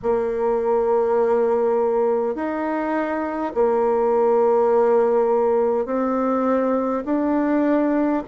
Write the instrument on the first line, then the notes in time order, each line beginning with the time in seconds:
bassoon
0.02 A#3
2.35 D#4
3.54 A#3
5.85 C4
7.05 D4